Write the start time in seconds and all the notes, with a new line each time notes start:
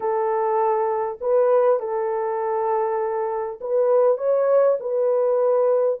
0.00 A4
1.20 B4
1.79 A4
3.60 B4
4.17 C#5
4.80 B4